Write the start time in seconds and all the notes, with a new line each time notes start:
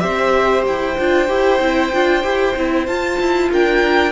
0.00 C4 G4 C5 E5
0.67 E4 G5
0.99 D4 F4
1.28 E4 G4
1.61 C4 E4
1.93 D4 F4
2.24 E4 G4
2.56 C4 E4
2.87 F4 A5
3.20 E4
3.51 D4 A#4 G5